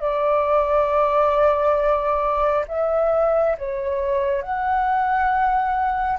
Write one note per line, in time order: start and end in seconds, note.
0.00 2.65 D5
2.68 3.56 E5
3.58 4.42 C#5
4.42 6.18 F#5